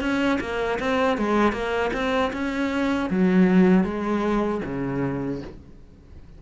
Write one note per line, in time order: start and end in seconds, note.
0.00 0.38 C#4
0.40 0.78 A#3
0.79 1.17 C4
1.17 1.52 G#3
1.52 1.90 A#3
1.93 2.31 C4
2.32 3.09 C#4
3.09 3.84 F#3
3.84 4.61 G#3
4.64 5.41 C#3